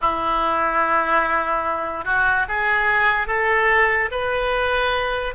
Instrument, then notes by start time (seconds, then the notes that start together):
oboe
0.01 E4
2.04 F#4
2.48 G#4
3.27 A4
4.11 B4